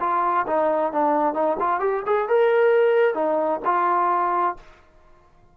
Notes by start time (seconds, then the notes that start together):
0.00 F4
0.47 D#4
0.92 D4
1.34 D#4
1.59 F4
1.80 G4
2.06 G#4
2.28 A#4
3.14 D#4
3.65 F4